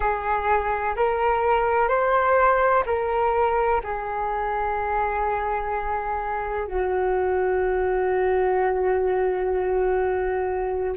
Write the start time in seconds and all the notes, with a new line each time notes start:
0.00 G#4
0.95 A#4
1.88 C5
2.86 A#4
3.84 G#4
6.67 F#4